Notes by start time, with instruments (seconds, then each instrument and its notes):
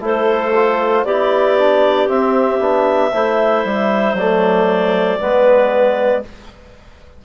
0.00 bassoon A3, trombone E4, clarinet A4 C5
0.55 trombone F4
1.04 bassoon B3, trombone E4, clarinet G4 D5
1.58 trombone D4
2.07 trombone C4, bassoon C4, clarinet E5
2.59 bassoon B3, trombone D4
3.12 bassoon A3, trombone E4, clarinet C5
3.64 bassoon G3
4.13 bassoon F#3, trombone A3, clarinet D5
5.19 bassoon G#3, trombone B3, clarinet B4